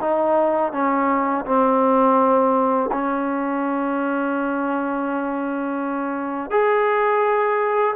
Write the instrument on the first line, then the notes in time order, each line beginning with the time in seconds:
trombone
0.00 D#4
0.72 C#4
1.45 C4
2.92 C#4
6.50 G#4